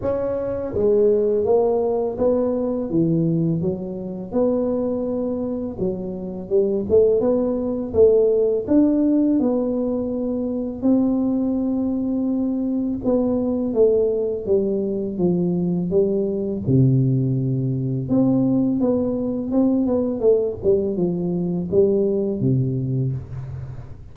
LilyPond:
\new Staff \with { instrumentName = "tuba" } { \time 4/4 \tempo 4 = 83 cis'4 gis4 ais4 b4 | e4 fis4 b2 | fis4 g8 a8 b4 a4 | d'4 b2 c'4~ |
c'2 b4 a4 | g4 f4 g4 c4~ | c4 c'4 b4 c'8 b8 | a8 g8 f4 g4 c4 | }